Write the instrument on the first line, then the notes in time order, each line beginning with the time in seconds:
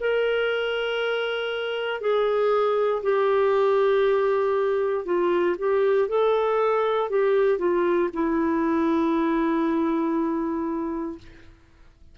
clarinet
0.00 A#4
2.01 G#4
3.02 G4
5.05 F4
5.58 G4
6.08 A4
7.09 G4
7.58 F4
8.13 E4